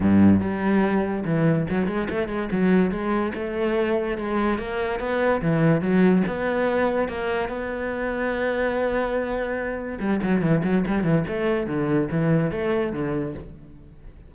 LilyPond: \new Staff \with { instrumentName = "cello" } { \time 4/4 \tempo 4 = 144 g,4 g2 e4 | fis8 gis8 a8 gis8 fis4 gis4 | a2 gis4 ais4 | b4 e4 fis4 b4~ |
b4 ais4 b2~ | b1 | g8 fis8 e8 fis8 g8 e8 a4 | d4 e4 a4 d4 | }